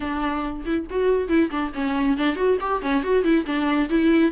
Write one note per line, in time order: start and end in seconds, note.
0.00 0.64 D4
0.65 0.86 E4
0.89 1.28 F#4
1.28 1.50 E4
1.50 1.72 D4
1.74 2.17 C#4
2.17 2.35 D4
2.35 2.57 F#4
2.60 2.82 G4
2.82 3.03 C#4
3.03 3.23 F#4
3.23 3.45 E4
3.46 3.89 D4
3.89 4.31 E4